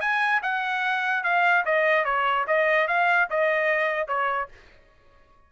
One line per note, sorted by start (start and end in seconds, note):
0.00 0.41 G#5
0.42 1.23 F#5
1.23 1.64 F5
1.65 2.05 D#5
2.05 2.45 C#5
2.47 2.87 D#5
2.87 3.28 F5
3.30 4.07 D#5
4.07 4.48 C#5